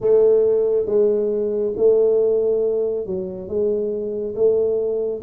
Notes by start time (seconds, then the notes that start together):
0.00 A3
0.86 G#3
1.76 A3
3.06 F#3
3.47 G#3
4.35 A3